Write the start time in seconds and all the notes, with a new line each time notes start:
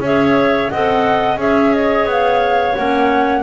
0.00 C#4 G#4 C#5 E5
0.69 C4 A4 D#5 F#5
1.37 C#4 G#4 C#5 E5
1.74 D#5
2.05 B3 F5
2.75 A#3 C#4 F#5